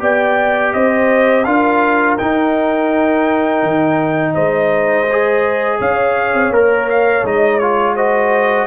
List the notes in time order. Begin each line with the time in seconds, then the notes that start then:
0.00 B3 G4 D5 G5
0.73 C4 C5 D#5
1.45 D4 F4 A#4 F5
2.18 D#4 G5
3.63 D#3
4.34 G#3 C5 D#5
5.12 G#4
5.79 C#4 C#5 F5
6.34 C4
6.51 A#3 A#4
6.90 F5
7.23 G#3 D#4 D#5
7.59 F4 C#5
7.95 F#4 C5 D#5